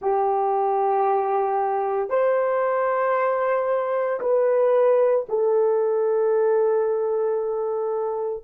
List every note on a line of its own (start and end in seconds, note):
0.01 2.09 G4
2.09 4.20 C5
4.20 5.25 B4
5.28 8.44 A4